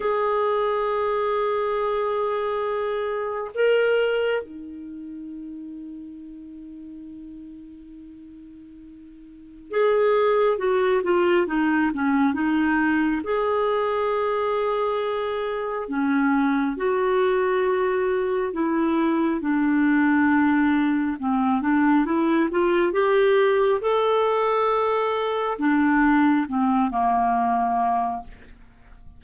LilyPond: \new Staff \with { instrumentName = "clarinet" } { \time 4/4 \tempo 4 = 68 gis'1 | ais'4 dis'2.~ | dis'2. gis'4 | fis'8 f'8 dis'8 cis'8 dis'4 gis'4~ |
gis'2 cis'4 fis'4~ | fis'4 e'4 d'2 | c'8 d'8 e'8 f'8 g'4 a'4~ | a'4 d'4 c'8 ais4. | }